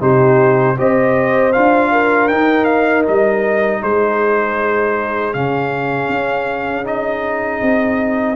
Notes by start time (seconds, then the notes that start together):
0.00 C3 D#4 G4 C5
0.77 C4 G4 C5 D#5
1.52 D4 F4 F5
1.92 A#4
2.28 D#4 G5
2.64 F5
3.07 G3 D#5
3.81 G#3 G#4 C5
5.34 C#3 C#4 F5
6.09 C#4
6.84 D#4 D#5
7.61 C4